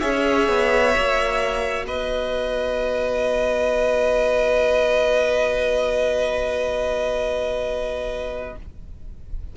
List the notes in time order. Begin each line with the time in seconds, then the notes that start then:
0.00 C#4 G#4 C#5 E5
0.48 B3
0.91 F#4
0.97 A#3
1.86 B3 B4 D#5